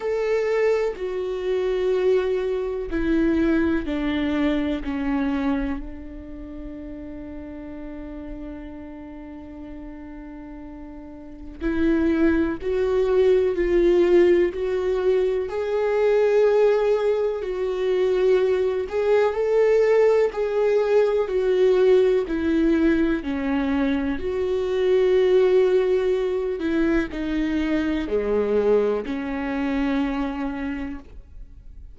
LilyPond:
\new Staff \with { instrumentName = "viola" } { \time 4/4 \tempo 4 = 62 a'4 fis'2 e'4 | d'4 cis'4 d'2~ | d'1 | e'4 fis'4 f'4 fis'4 |
gis'2 fis'4. gis'8 | a'4 gis'4 fis'4 e'4 | cis'4 fis'2~ fis'8 e'8 | dis'4 gis4 cis'2 | }